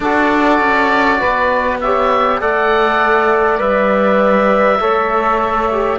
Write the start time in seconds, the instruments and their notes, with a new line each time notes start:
0.00 cello D4, trombone F#4, saxophone A4, oboe D5
0.60 cello C#4
1.18 saxophone B4
1.25 cello B3
1.80 trombone G4, saxophone C#5, oboe E5
2.40 cello A3, trombone A4, saxophone D5, oboe F#5
3.58 cello G3, trombone B4, oboe E5
4.79 cello A3, trombone A4, saxophone C#5
5.71 trombone G4